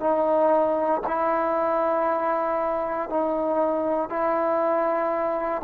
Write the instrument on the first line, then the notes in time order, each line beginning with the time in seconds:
trombone
0.00 D#4
1.07 E4
3.10 D#4
4.10 E4